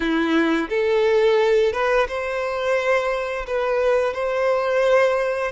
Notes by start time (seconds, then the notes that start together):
0.00 E4
0.69 A4
1.72 B4
2.08 C5
3.46 B4
4.13 C5